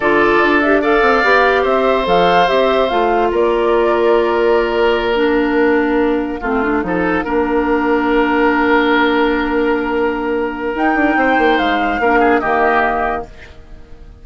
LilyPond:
<<
  \new Staff \with { instrumentName = "flute" } { \time 4/4 \tempo 4 = 145 d''4. e''8 f''2 | e''4 f''4 e''4 f''4 | d''1~ | d''8 f''2.~ f''8~ |
f''1~ | f''1~ | f''2 g''2 | f''2 dis''2 | }
  \new Staff \with { instrumentName = "oboe" } { \time 4/4 a'2 d''2 | c''1 | ais'1~ | ais'2.~ ais'8 f'8~ |
f'8 a'4 ais'2~ ais'8~ | ais'1~ | ais'2. c''4~ | c''4 ais'8 gis'8 g'2 | }
  \new Staff \with { instrumentName = "clarinet" } { \time 4/4 f'4. g'8 a'4 g'4~ | g'4 a'4 g'4 f'4~ | f'1~ | f'8 d'2. c'8 |
d'8 dis'4 d'2~ d'8~ | d'1~ | d'2 dis'2~ | dis'4 d'4 ais2 | }
  \new Staff \with { instrumentName = "bassoon" } { \time 4/4 d4 d'4. c'8 b4 | c'4 f4 c'4 a4 | ais1~ | ais2.~ ais8 a8~ |
a8 f4 ais2~ ais8~ | ais1~ | ais2 dis'8 d'8 c'8 ais8 | gis4 ais4 dis2 | }
>>